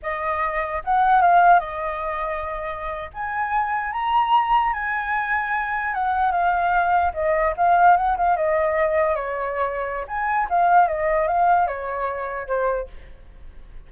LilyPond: \new Staff \with { instrumentName = "flute" } { \time 4/4 \tempo 4 = 149 dis''2 fis''4 f''4 | dis''2.~ dis''8. gis''16~ | gis''4.~ gis''16 ais''2 gis''16~ | gis''2~ gis''8. fis''4 f''16~ |
f''4.~ f''16 dis''4 f''4 fis''16~ | fis''16 f''8 dis''2 cis''4~ cis''16~ | cis''4 gis''4 f''4 dis''4 | f''4 cis''2 c''4 | }